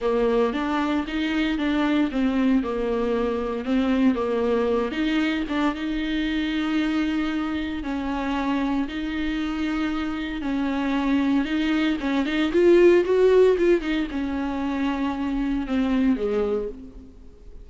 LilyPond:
\new Staff \with { instrumentName = "viola" } { \time 4/4 \tempo 4 = 115 ais4 d'4 dis'4 d'4 | c'4 ais2 c'4 | ais4. dis'4 d'8 dis'4~ | dis'2. cis'4~ |
cis'4 dis'2. | cis'2 dis'4 cis'8 dis'8 | f'4 fis'4 f'8 dis'8 cis'4~ | cis'2 c'4 gis4 | }